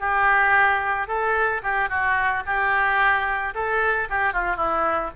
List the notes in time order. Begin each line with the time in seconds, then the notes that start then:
0.00 G4
1.08 A4
1.63 G4
1.89 F#4
2.46 G4
3.55 A4
4.10 G4
4.33 F4
4.57 E4